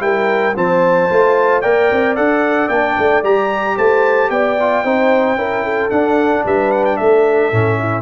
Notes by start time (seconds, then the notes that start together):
0.00 G3 E4 A#4 G5
0.56 F3 C4 C5 A5
1.10 A3 F4
1.62 A#3 A#4 D5 G5
1.92 C4
2.16 D4 A4 F#5
2.69 A#3 D4 G5
2.99 A3
3.24 G3 G4 A#5
3.77 A3 C5 A5
4.30 B3 D5 G5
4.60 F4
4.85 C4 D#4 C5
5.36 C#4 E4 A#4
5.64 A4
5.91 D4 F#5
6.45 G3 B4 E5
6.71 F#5
6.85 G5
6.97 A3 A4 E5
7.52 A2 C#4
7.79 E4